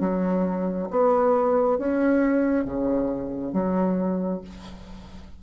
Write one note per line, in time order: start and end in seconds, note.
0.00 0.88 F#3
0.90 1.78 B3
1.78 2.64 C#4
2.64 3.53 C#3
3.53 4.41 F#3